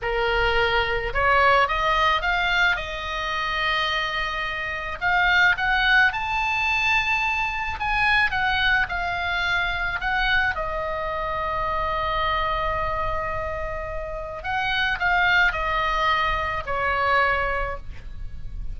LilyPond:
\new Staff \with { instrumentName = "oboe" } { \time 4/4 \tempo 4 = 108 ais'2 cis''4 dis''4 | f''4 dis''2.~ | dis''4 f''4 fis''4 a''4~ | a''2 gis''4 fis''4 |
f''2 fis''4 dis''4~ | dis''1~ | dis''2 fis''4 f''4 | dis''2 cis''2 | }